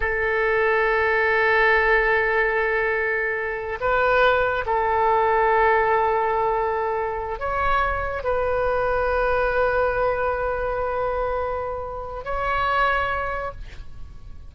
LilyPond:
\new Staff \with { instrumentName = "oboe" } { \time 4/4 \tempo 4 = 142 a'1~ | a'1~ | a'4 b'2 a'4~ | a'1~ |
a'4. cis''2 b'8~ | b'1~ | b'1~ | b'4 cis''2. | }